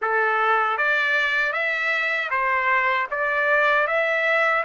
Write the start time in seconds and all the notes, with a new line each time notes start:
0.01 A4
0.77 D5
1.52 E5
2.30 C5
3.10 D5
3.87 E5